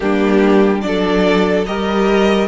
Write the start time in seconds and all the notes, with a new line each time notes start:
0.00 G3 A#3 D4 G4
0.81 F#3 D4 A4 D5
1.65 G3 G4 A#4 D#5